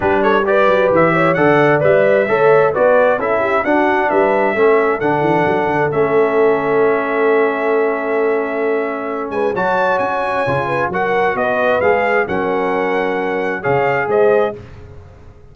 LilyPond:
<<
  \new Staff \with { instrumentName = "trumpet" } { \time 4/4 \tempo 4 = 132 b'8 cis''8 d''4 e''4 fis''4 | e''2 d''4 e''4 | fis''4 e''2 fis''4~ | fis''4 e''2.~ |
e''1~ | e''8 gis''8 a''4 gis''2 | fis''4 dis''4 f''4 fis''4~ | fis''2 f''4 dis''4 | }
  \new Staff \with { instrumentName = "horn" } { \time 4/4 g'8 a'8 b'4. cis''8 d''4~ | d''4 cis''4 b'4 a'8 g'8 | fis'4 b'4 a'2~ | a'1~ |
a'1~ | a'8 b'8 cis''2~ cis''8 b'8 | ais'4 b'2 ais'4~ | ais'2 cis''4 c''4 | }
  \new Staff \with { instrumentName = "trombone" } { \time 4/4 d'4 g'2 a'4 | b'4 a'4 fis'4 e'4 | d'2 cis'4 d'4~ | d'4 cis'2.~ |
cis'1~ | cis'4 fis'2 f'4 | fis'2 gis'4 cis'4~ | cis'2 gis'2 | }
  \new Staff \with { instrumentName = "tuba" } { \time 4/4 g4. fis8 e4 d4 | g4 a4 b4 cis'4 | d'4 g4 a4 d8 e8 | fis8 d8 a2.~ |
a1~ | a8 gis8 fis4 cis'4 cis4 | fis4 b4 gis4 fis4~ | fis2 cis4 gis4 | }
>>